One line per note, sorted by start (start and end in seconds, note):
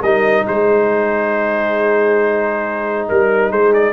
0.00 0.45 G3
0.00 3.93 D#4
0.00 0.43 A#4
0.00 0.46 D#5
0.47 3.08 G#3
0.47 3.09 G#4
0.47 3.08 C5
3.08 3.51 G3
3.08 3.51 A#4
3.51 3.93 G#3
3.51 3.93 G#4
3.51 3.73 C5
3.73 3.93 D5